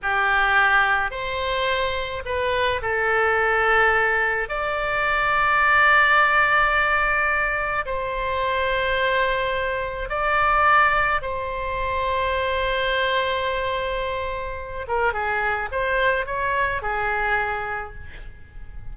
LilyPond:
\new Staff \with { instrumentName = "oboe" } { \time 4/4 \tempo 4 = 107 g'2 c''2 | b'4 a'2. | d''1~ | d''2 c''2~ |
c''2 d''2 | c''1~ | c''2~ c''8 ais'8 gis'4 | c''4 cis''4 gis'2 | }